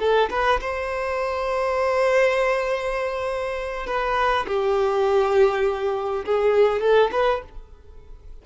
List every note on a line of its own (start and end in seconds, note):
0.00 0.30 A4
0.31 0.60 B4
0.61 3.87 C5
3.87 4.47 B4
4.47 6.26 G4
6.26 6.82 G#4
6.82 7.11 A4
7.12 7.42 B4